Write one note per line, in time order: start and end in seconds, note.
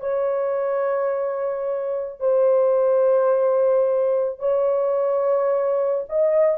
0.00 2.20 C#5
2.20 4.39 C5
4.39 6.05 C#5
6.09 6.58 D#5